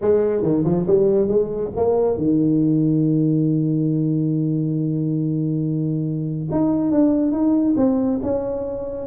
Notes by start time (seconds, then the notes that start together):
0.01 G#3
0.42 D#3
0.64 F3
0.86 G3
1.28 G#3
1.76 A#3
2.17 D#3
6.51 D#4
6.91 D4
7.31 D#4
7.76 C4
8.22 C#4